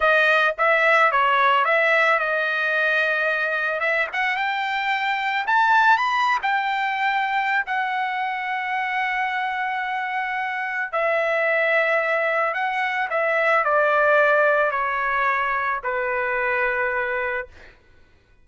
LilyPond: \new Staff \with { instrumentName = "trumpet" } { \time 4/4 \tempo 4 = 110 dis''4 e''4 cis''4 e''4 | dis''2. e''8 fis''8 | g''2 a''4 b''8. g''16~ | g''2 fis''2~ |
fis''1 | e''2. fis''4 | e''4 d''2 cis''4~ | cis''4 b'2. | }